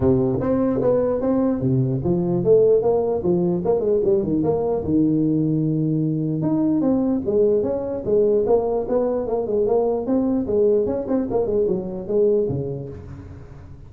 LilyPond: \new Staff \with { instrumentName = "tuba" } { \time 4/4 \tempo 4 = 149 c4 c'4 b4 c'4 | c4 f4 a4 ais4 | f4 ais8 gis8 g8 dis8 ais4 | dis1 |
dis'4 c'4 gis4 cis'4 | gis4 ais4 b4 ais8 gis8 | ais4 c'4 gis4 cis'8 c'8 | ais8 gis8 fis4 gis4 cis4 | }